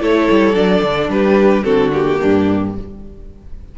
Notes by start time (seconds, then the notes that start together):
0.00 A3 E4 A4 C#5
0.31 G3
0.54 F#3 D4 D5
0.82 D3
1.09 G3 G4 B4
1.63 D3 C4 F#4 A4
1.93 A#3 G4
2.21 G2 D4